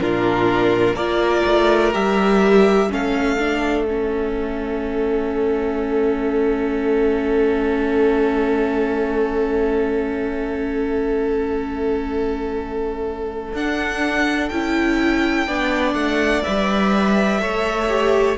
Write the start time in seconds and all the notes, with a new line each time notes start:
0.00 A#2 D4 F4 A#4
0.94 A#3 F4 A#4 D5
1.46 A3
1.93 G3 G4 E5
2.89 A3 C#4 A4 F5
3.39 D4
3.84 C#4 E5
13.53 D4 F#5
14.48 C#4 E4 G5
15.47 B3 D4 D5
15.94 A3 F#5
16.43 G3 B4 E5
17.39 A3 A4 C#5
17.88 G4